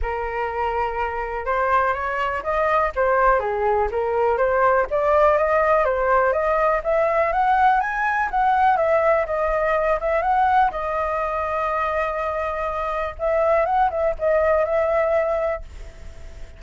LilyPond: \new Staff \with { instrumentName = "flute" } { \time 4/4 \tempo 4 = 123 ais'2. c''4 | cis''4 dis''4 c''4 gis'4 | ais'4 c''4 d''4 dis''4 | c''4 dis''4 e''4 fis''4 |
gis''4 fis''4 e''4 dis''4~ | dis''8 e''8 fis''4 dis''2~ | dis''2. e''4 | fis''8 e''8 dis''4 e''2 | }